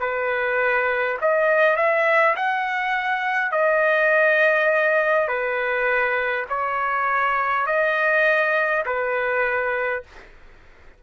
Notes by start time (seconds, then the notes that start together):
0.00 B4
1.21 D#5
1.76 E5
2.36 F#5
3.51 D#5
5.28 B4
6.49 C#5
7.66 D#5
8.86 B4